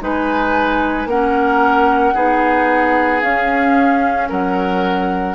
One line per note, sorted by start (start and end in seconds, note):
0.00 1.05 G#3
0.00 1.07 D#4
0.00 1.09 B4
0.00 1.08 G#5
1.05 2.12 A#3
1.05 2.15 C#4
1.05 2.14 A#4
1.05 3.22 F#5
2.14 3.22 B3
2.14 3.22 D#4
2.14 4.28 G#4
3.22 4.29 C#4
3.22 5.35 C#4
3.22 4.29 F5
4.29 5.35 F#3
4.29 5.35 A#4
4.29 5.35 F#5